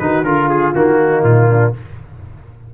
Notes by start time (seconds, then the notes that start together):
0.00 D#3 D#4 F#4 B4
0.24 D3 F4 A#4
0.50 G#4
0.75 D#3 A#3 F#4
1.01 D#4
1.23 A#2 F4
1.50 D4